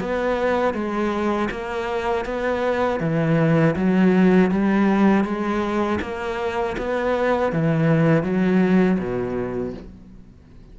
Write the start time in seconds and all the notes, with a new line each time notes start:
0.00 B3
0.74 G#3
1.51 A#3
2.25 B3
3.00 E3
3.76 F#3
4.51 G3
5.25 G#3
6.02 A#3
6.78 B3
7.53 E3
8.23 F#3
8.99 B2